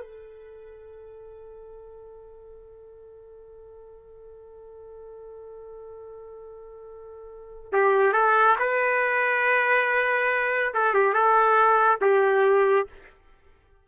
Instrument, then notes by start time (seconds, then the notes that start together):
trumpet
0.00 A4
7.72 G4
8.13 A4
8.58 B4
10.74 A4
10.94 G4
11.13 A4
12.01 G4